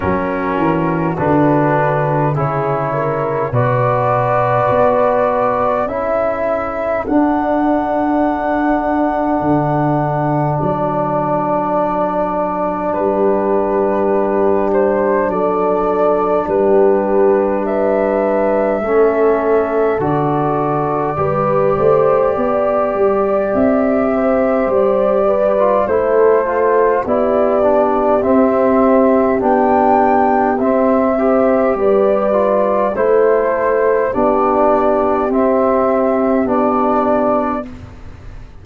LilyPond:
<<
  \new Staff \with { instrumentName = "flute" } { \time 4/4 \tempo 4 = 51 ais'4 b'4 cis''4 d''4~ | d''4 e''4 fis''2~ | fis''4 d''2 b'4~ | b'8 c''8 d''4 b'4 e''4~ |
e''4 d''2. | e''4 d''4 c''4 d''4 | e''4 g''4 e''4 d''4 | c''4 d''4 e''4 d''4 | }
  \new Staff \with { instrumentName = "horn" } { \time 4/4 fis'2 gis'8 ais'8 b'4~ | b'4 a'2.~ | a'2. g'4~ | g'4 a'4 g'4 b'4 |
a'2 b'8 c''8 d''4~ | d''8 c''4 b'8 a'4 g'4~ | g'2~ g'8 c''8 b'4 | a'4 g'2. | }
  \new Staff \with { instrumentName = "trombone" } { \time 4/4 cis'4 d'4 e'4 fis'4~ | fis'4 e'4 d'2~ | d'1~ | d'1 |
cis'4 fis'4 g'2~ | g'4.~ g'16 f'16 e'8 f'8 e'8 d'8 | c'4 d'4 c'8 g'4 f'8 | e'4 d'4 c'4 d'4 | }
  \new Staff \with { instrumentName = "tuba" } { \time 4/4 fis8 e8 d4 cis4 b,4 | b4 cis'4 d'2 | d4 fis2 g4~ | g4 fis4 g2 |
a4 d4 g8 a8 b8 g8 | c'4 g4 a4 b4 | c'4 b4 c'4 g4 | a4 b4 c'4 b4 | }
>>